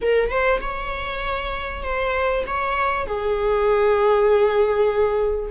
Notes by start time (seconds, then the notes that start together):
0.01 A#4
0.29 C5
0.60 C#5
1.83 C5
2.47 C#5
3.06 G#4